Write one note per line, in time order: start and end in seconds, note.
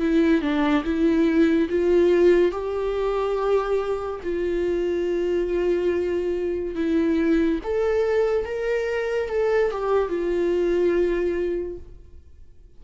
0.00 0.41 E4
0.41 0.84 D4
0.84 1.69 E4
1.69 2.52 F4
2.52 4.21 G4
4.23 6.75 F4
6.75 7.60 E4
7.64 8.45 A4
8.45 9.29 A#4
9.29 9.71 A4
9.71 10.09 G4
10.09 11.78 F4